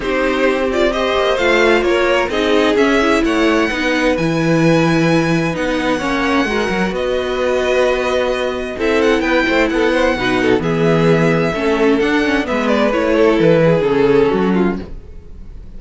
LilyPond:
<<
  \new Staff \with { instrumentName = "violin" } { \time 4/4 \tempo 4 = 130 c''4. d''8 dis''4 f''4 | cis''4 dis''4 e''4 fis''4~ | fis''4 gis''2. | fis''2. dis''4~ |
dis''2. e''8 fis''8 | g''4 fis''2 e''4~ | e''2 fis''4 e''8 d''8 | cis''4 b'4 a'2 | }
  \new Staff \with { instrumentName = "violin" } { \time 4/4 g'2 c''2 | ais'4 gis'2 cis''4 | b'1~ | b'4 cis''4 ais'4 b'4~ |
b'2. a'4 | b'8 c''8 a'8 c''8 b'8 a'8 gis'4~ | gis'4 a'2 b'4~ | b'8 a'4 gis'4. fis'8 f'8 | }
  \new Staff \with { instrumentName = "viola" } { \time 4/4 dis'4. f'8 g'4 f'4~ | f'4 dis'4 cis'8 e'4. | dis'4 e'2. | dis'4 cis'4 fis'2~ |
fis'2. e'4~ | e'2 dis'4 b4~ | b4 cis'4 d'8 cis'8 b4 | e'2 cis'2 | }
  \new Staff \with { instrumentName = "cello" } { \time 4/4 c'2~ c'8 ais8 a4 | ais4 c'4 cis'4 a4 | b4 e2. | b4 ais4 gis8 fis8 b4~ |
b2. c'4 | b8 a8 b4 b,4 e4~ | e4 a4 d'4 gis4 | a4 e4 cis4 fis4 | }
>>